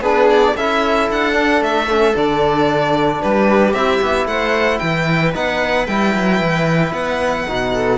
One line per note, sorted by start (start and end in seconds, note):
0.00 0.54 B3
0.00 0.56 D4
0.00 0.53 G#4
0.00 0.29 B4
0.30 0.56 D5
0.55 1.09 C#4
0.55 1.33 E4
0.55 3.20 A4
0.55 1.09 E5
1.10 1.61 D4
1.10 1.63 F#5
1.33 1.86 D4
1.61 2.14 A3
1.61 2.16 E5
1.89 2.14 C#4
2.14 3.22 D3
2.14 3.73 D4
2.14 3.22 D5
3.22 3.73 G3
3.22 4.28 G4
3.22 3.73 B4
3.73 4.00 C4
3.73 5.34 E4
3.73 4.26 E5
4.01 4.26 B3
4.26 4.79 A3
4.26 4.79 C5
4.26 4.78 F#5
4.78 5.35 E3
4.78 7.71 B4
4.78 5.31 G5
5.34 5.87 B3
5.34 5.87 D#4
5.34 5.86 F#5
5.86 6.14 G3
5.86 7.47 E4
5.86 6.92 G5
6.14 6.40 F#3
6.40 6.92 E3
6.92 7.45 B3
6.92 7.98 F#5
7.47 7.98 B2
7.47 7.98 D#4
7.74 7.98 A4